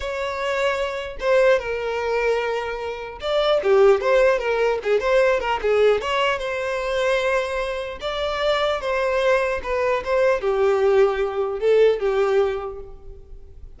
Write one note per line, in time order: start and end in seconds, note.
0.00 1.17 C#5
1.20 1.59 C5
1.59 3.19 A#4
3.20 3.60 D5
3.63 4.00 G4
4.00 4.38 C5
4.38 4.78 A#4
4.83 5.00 G#4
5.00 5.39 C5
5.39 5.59 A#4
5.62 6.01 G#4
6.01 6.38 C#5
6.38 7.98 C5
8.00 8.80 D5
8.80 9.60 C5
9.63 10.03 B4
10.04 10.40 C5
10.40 11.59 G4
11.59 11.99 A4
11.99 12.79 G4